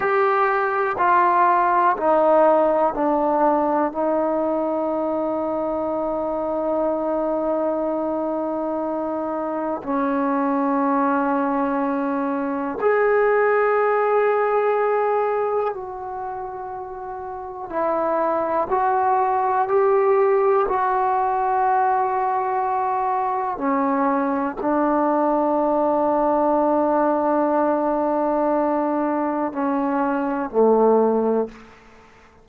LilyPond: \new Staff \with { instrumentName = "trombone" } { \time 4/4 \tempo 4 = 61 g'4 f'4 dis'4 d'4 | dis'1~ | dis'2 cis'2~ | cis'4 gis'2. |
fis'2 e'4 fis'4 | g'4 fis'2. | cis'4 d'2.~ | d'2 cis'4 a4 | }